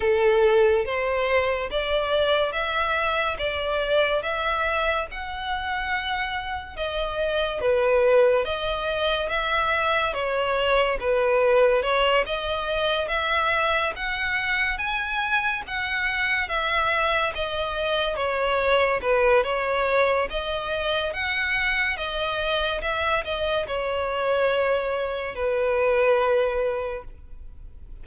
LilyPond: \new Staff \with { instrumentName = "violin" } { \time 4/4 \tempo 4 = 71 a'4 c''4 d''4 e''4 | d''4 e''4 fis''2 | dis''4 b'4 dis''4 e''4 | cis''4 b'4 cis''8 dis''4 e''8~ |
e''8 fis''4 gis''4 fis''4 e''8~ | e''8 dis''4 cis''4 b'8 cis''4 | dis''4 fis''4 dis''4 e''8 dis''8 | cis''2 b'2 | }